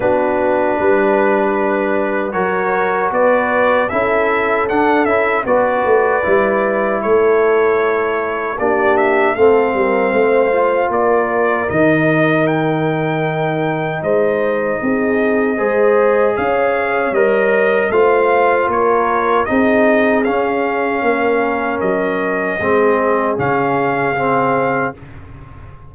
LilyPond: <<
  \new Staff \with { instrumentName = "trumpet" } { \time 4/4 \tempo 4 = 77 b'2. cis''4 | d''4 e''4 fis''8 e''8 d''4~ | d''4 cis''2 d''8 e''8 | f''2 d''4 dis''4 |
g''2 dis''2~ | dis''4 f''4 dis''4 f''4 | cis''4 dis''4 f''2 | dis''2 f''2 | }
  \new Staff \with { instrumentName = "horn" } { \time 4/4 fis'4 b'2 ais'4 | b'4 a'2 b'4~ | b'4 a'2 g'4 | a'8 ais'8 c''4 ais'2~ |
ais'2 c''4 gis'4 | c''4 cis''2 c''4 | ais'4 gis'2 ais'4~ | ais'4 gis'2. | }
  \new Staff \with { instrumentName = "trombone" } { \time 4/4 d'2. fis'4~ | fis'4 e'4 d'8 e'8 fis'4 | e'2. d'4 | c'4. f'4. dis'4~ |
dis'1 | gis'2 ais'4 f'4~ | f'4 dis'4 cis'2~ | cis'4 c'4 cis'4 c'4 | }
  \new Staff \with { instrumentName = "tuba" } { \time 4/4 b4 g2 fis4 | b4 cis'4 d'8 cis'8 b8 a8 | g4 a2 ais4 | a8 g8 a4 ais4 dis4~ |
dis2 gis4 c'4 | gis4 cis'4 g4 a4 | ais4 c'4 cis'4 ais4 | fis4 gis4 cis2 | }
>>